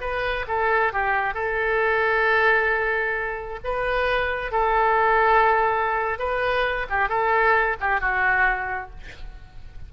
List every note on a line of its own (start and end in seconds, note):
0.00 0.45 B4
0.47 0.92 A4
0.92 1.33 G4
1.33 3.59 A4
3.64 4.51 B4
4.51 6.18 A4
6.18 6.86 B4
6.89 7.08 G4
7.08 7.76 A4
7.80 8.00 G4
8.00 8.90 F#4